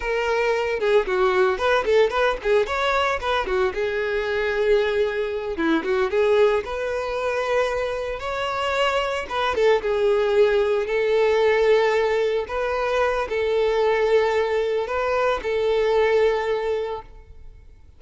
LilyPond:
\new Staff \with { instrumentName = "violin" } { \time 4/4 \tempo 4 = 113 ais'4. gis'8 fis'4 b'8 a'8 | b'8 gis'8 cis''4 b'8 fis'8 gis'4~ | gis'2~ gis'8 e'8 fis'8 gis'8~ | gis'8 b'2. cis''8~ |
cis''4. b'8 a'8 gis'4.~ | gis'8 a'2. b'8~ | b'4 a'2. | b'4 a'2. | }